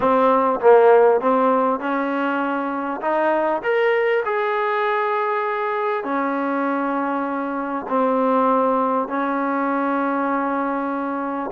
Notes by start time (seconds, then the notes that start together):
0.00 C4
0.60 A#3
1.21 C4
1.79 C#4
3.01 D#4
3.63 A#4
4.25 G#4
6.04 C#4
7.88 C4
9.07 C#4